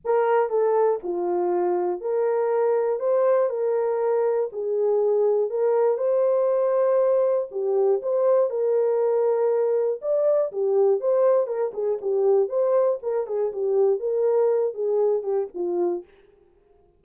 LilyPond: \new Staff \with { instrumentName = "horn" } { \time 4/4 \tempo 4 = 120 ais'4 a'4 f'2 | ais'2 c''4 ais'4~ | ais'4 gis'2 ais'4 | c''2. g'4 |
c''4 ais'2. | d''4 g'4 c''4 ais'8 gis'8 | g'4 c''4 ais'8 gis'8 g'4 | ais'4. gis'4 g'8 f'4 | }